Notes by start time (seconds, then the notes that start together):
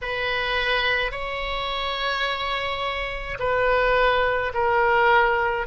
0.01 B4
1.11 C#5
3.39 B4
4.53 A#4